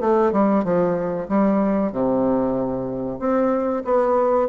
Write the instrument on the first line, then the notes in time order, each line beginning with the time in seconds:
bassoon
0.00 A3
0.32 G3
0.64 F3
1.29 G3
1.92 C3
3.19 C4
3.85 B3